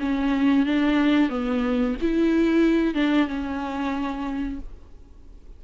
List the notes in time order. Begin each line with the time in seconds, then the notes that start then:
0.00 C#4
0.66 D4
1.30 B3
2.02 E4
2.95 D4
3.28 C#4